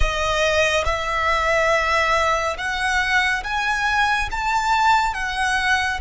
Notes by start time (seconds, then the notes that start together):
0.00 D#5
0.85 E5
2.57 F#5
3.43 G#5
4.31 A5
5.14 F#5